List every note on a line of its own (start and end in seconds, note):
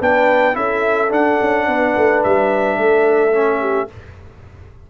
0.00 0.56 B3
0.00 0.53 D4
0.00 0.56 B4
0.00 0.56 G5
0.53 1.11 C#4
0.53 1.09 E4
0.53 1.68 A4
0.53 1.12 E5
1.10 3.32 D4
1.10 1.39 D4
1.10 2.24 F#5
1.41 1.68 C#4
1.68 1.95 B3
1.68 2.80 B4
1.97 2.25 A3
2.24 2.78 G3
2.24 3.91 E5
2.78 3.89 A3
2.78 3.60 A4
3.32 3.88 C#4
3.60 3.88 G4